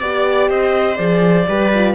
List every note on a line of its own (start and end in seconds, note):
0.00 0.49 B3
0.00 0.97 G4
0.00 0.49 D5
0.49 0.98 C4
0.49 1.47 C5
0.49 0.96 D#5
0.96 1.48 F3
0.96 1.45 G#4
0.96 1.94 D5
1.48 1.95 G3
1.48 1.72 G4
1.48 1.95 B4
1.74 1.95 F4